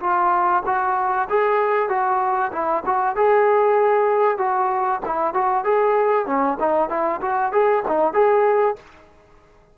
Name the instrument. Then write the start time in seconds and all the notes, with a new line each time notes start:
trombone
0.00 F4
0.65 F#4
1.29 G#4
1.89 F#4
2.52 E4
2.86 F#4
3.15 G#4
4.38 F#4
5.05 E4
5.33 F#4
5.64 G#4
6.26 C#4
6.60 D#4
6.89 E4
7.21 F#4
7.52 G#4
7.87 D#4
8.13 G#4